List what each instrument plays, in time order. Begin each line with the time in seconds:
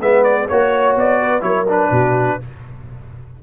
0.00 tuba G#3, trombone B3, horn B4, trumpet E5
0.24 trumpet D5
0.48 tuba A#3, trombone F#4, trumpet C#5, horn C#5
0.96 tuba B3, trumpet D5
1.20 horn B4
1.40 tuba F#3, trombone E4, horn A#4, trumpet C#5
1.69 trombone D4, trumpet B4
1.91 tuba B2, horn F#4